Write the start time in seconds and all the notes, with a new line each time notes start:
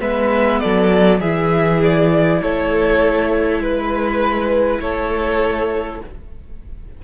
0.00 G#3 B3 B4 E5
0.60 F#3 A4 D5
1.20 E3 E4 G#4 E5
1.83 D5
2.42 A3 A4 C#5
3.59 G#3 B4
4.80 A3 A4 C#5